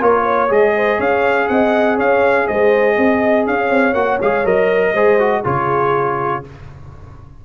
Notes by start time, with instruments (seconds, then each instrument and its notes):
0.00 tuba A#3, trombone F4, horn A#4, trumpet C#5
0.23 horn C#5
0.48 tuba G#3, trombone G#4, trumpet D#5
0.76 horn C5
0.98 tuba C#4, horn C#5, trumpet F5
1.48 tuba C4, horn D#5, trumpet F#5
1.96 tuba C#4, horn C#5, trumpet F5
2.48 tuba G#3, horn C5, trumpet D#5
2.97 tuba C4, horn D#5
3.47 tuba C#4, horn C#5, trumpet F5
3.70 tuba C4
3.94 tuba A#3, trombone F#4, trumpet F#5
4.21 tuba G#3, trombone G#4, trumpet F5
4.45 tuba F#3, trombone A#4, trumpet D#5
4.93 tuba G#3, trombone G#4, horn C5
5.20 trombone F#4
5.42 tuba C#3, trombone F4, horn G#4, trumpet C#5